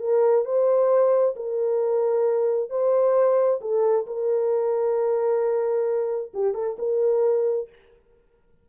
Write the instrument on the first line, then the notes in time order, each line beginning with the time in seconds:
horn
0.00 A#4
0.45 C5
1.36 A#4
2.70 C5
3.61 A4
4.07 A#4
6.34 G4
6.54 A4
6.79 A#4